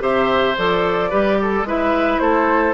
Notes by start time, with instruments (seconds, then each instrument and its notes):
0.00 bassoon C3, clarinet G4, oboe C5, flute E5
0.58 bassoon F3, clarinet A4, flute D5
1.10 bassoon G3, clarinet G4, oboe B4
1.42 oboe A4
1.63 bassoon G#3, clarinet E4, oboe B4
1.69 flute E5
2.19 bassoon A3, oboe A4, flute C5